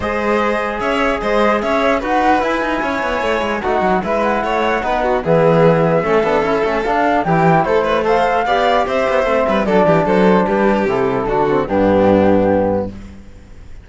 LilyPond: <<
  \new Staff \with { instrumentName = "flute" } { \time 4/4 \tempo 4 = 149 dis''2 e''4 dis''4 | e''4 fis''4 gis''2~ | gis''4 fis''4 e''8 fis''4.~ | fis''4 e''2.~ |
e''4 f''4 g''4 c''4 | f''2 e''2 | d''4 c''4 b'4 a'4~ | a'4 g'2. | }
  \new Staff \with { instrumentName = "violin" } { \time 4/4 c''2 cis''4 c''4 | cis''4 b'2 cis''4~ | cis''4 fis'4 b'4 cis''4 | b'8 fis'8 gis'2 a'4~ |
a'2 g'4 a'8 b'8 | c''4 d''4 c''4. b'8 | a'8 g'8 a'4 g'2 | fis'4 d'2. | }
  \new Staff \with { instrumentName = "trombone" } { \time 4/4 gis'1~ | gis'4 fis'4 e'2~ | e'4 dis'4 e'2 | dis'4 b2 cis'8 d'8 |
e'8 cis'8 d'4 e'2 | a'4 g'2 c'4 | d'2. e'4 | d'8 c'8 b2. | }
  \new Staff \with { instrumentName = "cello" } { \time 4/4 gis2 cis'4 gis4 | cis'4 dis'4 e'8 dis'8 cis'8 b8 | a8 gis8 a8 fis8 gis4 a4 | b4 e2 a8 b8 |
cis'8 a8 d'4 e4 a4~ | a4 b4 c'8 b8 a8 g8 | fis8 e8 fis4 g4 c4 | d4 g,2. | }
>>